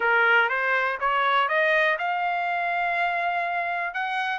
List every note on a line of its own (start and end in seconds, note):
0.00 0.49 A#4
0.49 0.98 C5
1.00 1.48 C#5
1.48 1.97 D#5
1.98 3.94 F5
3.94 4.38 F#5